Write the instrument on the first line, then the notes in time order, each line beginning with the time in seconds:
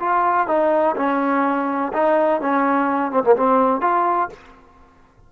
trombone
0.00 F4
0.47 D#4
0.96 C#4
1.93 D#4
2.41 C#4
3.12 C4
3.24 A#3
3.37 C4
3.81 F4